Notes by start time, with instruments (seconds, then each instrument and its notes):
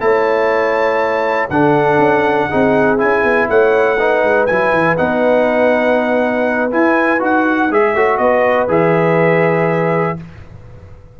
0.00 tuba A3, trombone E4, horn C#5, trumpet A5
1.50 tuba D3, trombone D4, horn A4, trumpet F#5
1.99 tuba C#4
2.49 tuba C4, trombone D#4, horn G#4
2.98 tuba C#4, trombone E4, trumpet G#5
3.24 tuba B3
3.49 tuba A3, horn C#5, trumpet F#5
3.99 trombone D#4, horn B4
4.24 tuba G#3
4.46 tuba F#3, trombone E4, trumpet G#5
4.72 tuba E3
4.97 tuba B3, trombone D#4, trumpet F#5
6.71 trombone E4, tuba E4, trumpet G#5
7.20 tuba D#4, trombone F#4, trumpet F#5
7.71 tuba G#3, trombone G#4, trumpet E5
7.94 tuba A3, trombone F#4, horn C#5
8.18 tuba B3, horn B4, trumpet D#5
8.68 tuba E3, trombone G#4, trumpet E5